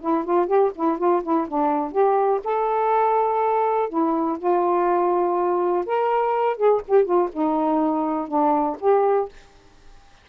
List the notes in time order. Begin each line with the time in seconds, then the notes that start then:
0.00 E4
0.24 F4
0.47 G4
0.75 E4
0.98 F4
1.22 E4
1.48 D4
1.91 G4
2.43 A4
3.89 E4
4.38 F4
5.86 A#4
6.56 G#4
6.87 G4
7.04 F4
7.32 D#4
8.28 D4
8.80 G4